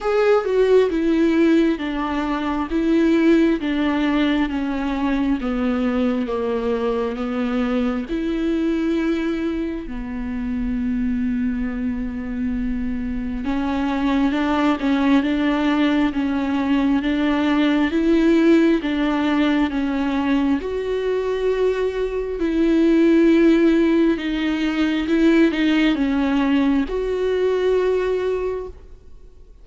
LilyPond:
\new Staff \with { instrumentName = "viola" } { \time 4/4 \tempo 4 = 67 gis'8 fis'8 e'4 d'4 e'4 | d'4 cis'4 b4 ais4 | b4 e'2 b4~ | b2. cis'4 |
d'8 cis'8 d'4 cis'4 d'4 | e'4 d'4 cis'4 fis'4~ | fis'4 e'2 dis'4 | e'8 dis'8 cis'4 fis'2 | }